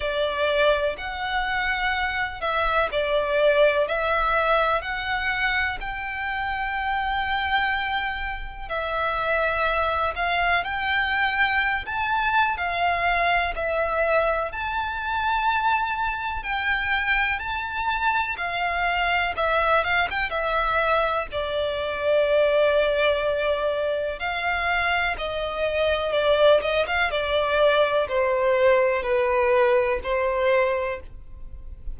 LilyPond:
\new Staff \with { instrumentName = "violin" } { \time 4/4 \tempo 4 = 62 d''4 fis''4. e''8 d''4 | e''4 fis''4 g''2~ | g''4 e''4. f''8 g''4~ | g''16 a''8. f''4 e''4 a''4~ |
a''4 g''4 a''4 f''4 | e''8 f''16 g''16 e''4 d''2~ | d''4 f''4 dis''4 d''8 dis''16 f''16 | d''4 c''4 b'4 c''4 | }